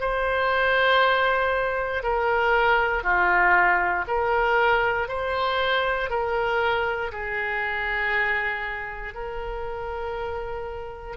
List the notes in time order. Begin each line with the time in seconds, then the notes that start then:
0.00 C5
2.02 A#4
3.03 F4
4.07 A#4
5.08 C5
6.09 A#4
7.11 G#4
9.14 A#4